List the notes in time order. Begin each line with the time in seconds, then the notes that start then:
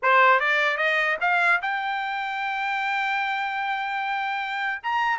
0.02 C5
0.40 D5
0.77 D#5
1.20 F5
1.62 G5
4.82 A#5